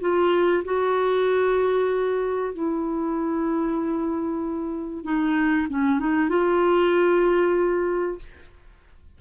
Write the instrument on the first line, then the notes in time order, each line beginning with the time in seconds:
clarinet
0.00 F4
0.65 F#4
2.53 E4
5.04 D#4
5.69 C#4
5.99 D#4
6.29 F4